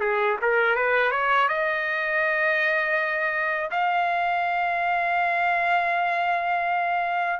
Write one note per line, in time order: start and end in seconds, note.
0.00 0.37 G#4
0.41 0.76 A#4
0.76 1.11 B4
1.11 1.48 C#5
1.48 3.71 D#5
3.71 7.40 F5